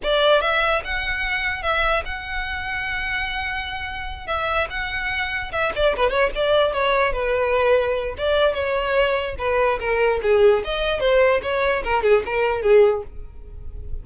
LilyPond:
\new Staff \with { instrumentName = "violin" } { \time 4/4 \tempo 4 = 147 d''4 e''4 fis''2 | e''4 fis''2.~ | fis''2~ fis''8 e''4 fis''8~ | fis''4. e''8 d''8 b'8 cis''8 d''8~ |
d''8 cis''4 b'2~ b'8 | d''4 cis''2 b'4 | ais'4 gis'4 dis''4 c''4 | cis''4 ais'8 gis'8 ais'4 gis'4 | }